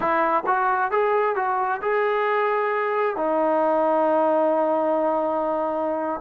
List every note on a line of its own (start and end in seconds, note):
0.00 0.43 E4
0.46 0.91 F#4
0.91 1.35 G#4
1.35 1.80 F#4
1.81 3.16 G#4
3.16 6.20 D#4